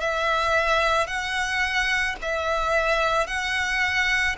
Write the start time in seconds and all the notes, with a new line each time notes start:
0.00 E5
1.07 F#5
2.22 E5
3.27 F#5